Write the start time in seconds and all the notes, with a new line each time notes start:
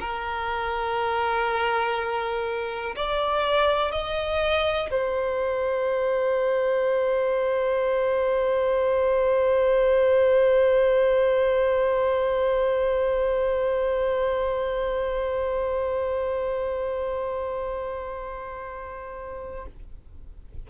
0.00 A#4
2.96 D5
3.92 D#5
4.90 C5